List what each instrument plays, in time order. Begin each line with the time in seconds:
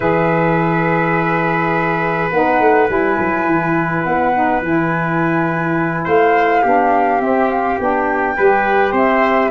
0.00 tuba E3, saxophone G#4, trumpet B4, flute E5
2.30 tuba B3, saxophone D#4, flute F#5
2.59 tuba A3
2.87 tuba G3, saxophone E4, flute G#5
3.18 tuba F#3
3.45 tuba E3
4.02 tuba B3, flute F#5
4.34 saxophone D#4
4.61 tuba E3, saxophone E4, flute G#5
6.04 tuba A3, trumpet C5, flute F5
6.62 tuba B3, saxophone D4, trumpet G4
7.19 tuba C4, saxophone C4, flute E5
7.49 flute F5
7.79 tuba B3, saxophone D4, flute G5
8.36 tuba G3, saxophone G4, trumpet B4
8.91 tuba C4, trumpet C5, flute E5